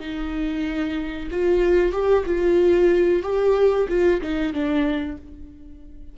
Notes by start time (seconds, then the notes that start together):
0.00 D#4
1.31 F4
1.92 G4
2.26 F4
3.23 G4
3.89 F4
4.21 D#4
4.53 D4